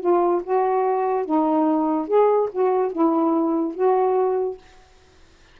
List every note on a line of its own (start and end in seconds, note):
0.00 0.42 F4
0.43 1.25 F#4
1.25 2.07 D#4
2.07 2.49 G#4
2.52 2.92 F#4
2.92 3.74 E4
3.74 4.58 F#4